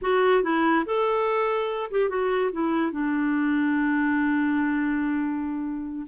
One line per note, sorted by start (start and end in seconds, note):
0.01 0.43 F#4
0.43 0.85 E4
0.85 1.90 A4
1.90 2.09 G4
2.09 2.51 F#4
2.52 2.91 E4
2.91 6.06 D4